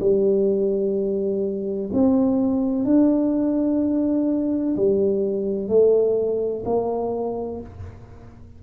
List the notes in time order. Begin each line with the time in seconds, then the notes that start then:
0.00 G3
1.93 C4
2.84 D4
4.76 G3
5.68 A3
6.65 A#3